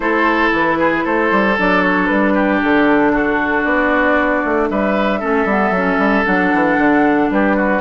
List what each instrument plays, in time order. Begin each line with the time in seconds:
0.00 bassoon A3, clarinet E4, oboe A4, flute C5
0.52 bassoon E3, flute B4
0.78 oboe G#4
1.03 bassoon A3, oboe A4, flute C5
1.31 bassoon G3
1.58 bassoon F#3, clarinet D4, flute D5
1.82 flute C#5
2.06 bassoon G3, flute B4
2.33 oboe G4
2.62 bassoon D3, flute A4
3.12 oboe F#4
3.63 bassoon B3, flute D5
4.44 bassoon A3
4.69 bassoon G3, oboe B4, flute E5
5.19 bassoon A3, clarinet C#4, oboe A4
5.45 bassoon G3, clarinet B3
5.70 bassoon F#3, clarinet C#4
5.97 bassoon G3
6.24 bassoon F#3, clarinet D4, flute F#5
6.53 bassoon E3
6.77 bassoon D3
7.30 bassoon G3, oboe G4, flute B4
7.56 oboe F#4